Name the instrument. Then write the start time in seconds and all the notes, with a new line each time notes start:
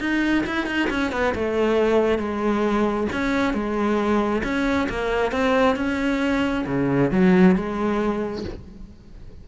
cello
0.00 D#4
0.46 E4
0.66 D#4
0.90 C#4
1.12 B3
1.35 A3
2.18 G#3
3.12 C#4
3.54 G#3
4.44 C#4
4.89 A#3
5.32 C4
5.76 C#4
6.67 C#3
7.11 F#3
7.56 G#3